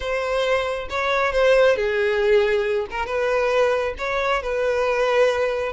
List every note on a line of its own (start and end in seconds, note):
0.00 0.88 C5
0.89 1.32 C#5
1.32 1.76 C5
1.76 2.87 G#4
2.90 3.06 A#4
3.06 3.94 B4
3.98 4.42 C#5
4.42 5.72 B4